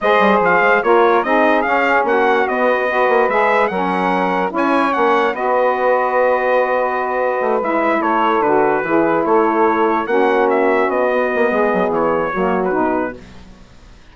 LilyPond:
<<
  \new Staff \with { instrumentName = "trumpet" } { \time 4/4 \tempo 4 = 146 dis''4 f''4 cis''4 dis''4 | f''4 fis''4 dis''2 | e''4 fis''2 gis''4 | fis''4 dis''2.~ |
dis''2~ dis''8 e''4 cis''8~ | cis''8 b'2 cis''4.~ | cis''8 fis''4 e''4 dis''4.~ | dis''4 cis''4.~ cis''16 b'4~ b'16 | }
  \new Staff \with { instrumentName = "saxophone" } { \time 4/4 c''2 ais'4 gis'4~ | gis'4 fis'2 b'4~ | b'4 ais'2 cis''4~ | cis''4 b'2.~ |
b'2.~ b'8 a'8~ | a'4. gis'4 a'4.~ | a'8 fis'2.~ fis'8 | gis'2 fis'2 | }
  \new Staff \with { instrumentName = "saxophone" } { \time 4/4 gis'2 f'4 dis'4 | cis'2 b4 fis'4 | gis'4 cis'2 e'4 | cis'4 fis'2.~ |
fis'2~ fis'8 e'4.~ | e'8 fis'4 e'2~ e'8~ | e'8 cis'2~ cis'8 b4~ | b2 ais4 dis'4 | }
  \new Staff \with { instrumentName = "bassoon" } { \time 4/4 gis8 g8 f8 gis8 ais4 c'4 | cis'4 ais4 b4. ais8 | gis4 fis2 cis'4 | ais4 b2.~ |
b2 a8 gis4 a8~ | a8 d4 e4 a4.~ | a8 ais2 b4 ais8 | gis8 fis8 e4 fis4 b,4 | }
>>